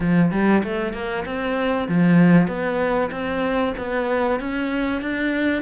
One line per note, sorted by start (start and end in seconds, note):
0.00 0.31 F3
0.31 0.62 G3
0.63 0.93 A3
0.93 1.24 A#3
1.25 1.88 C4
1.88 2.47 F3
2.47 3.10 B3
3.11 3.73 C4
3.77 4.39 B3
4.39 5.01 C#4
5.01 5.62 D4